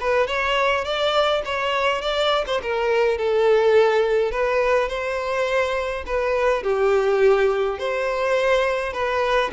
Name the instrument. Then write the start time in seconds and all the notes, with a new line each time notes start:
violin
0.00 B4
0.27 C#5
0.84 D5
1.45 C#5
2.01 D5
2.47 C5
2.62 A#4
3.18 A4
4.31 B4
4.89 C5
6.06 B4
6.63 G4
7.78 C5
8.93 B4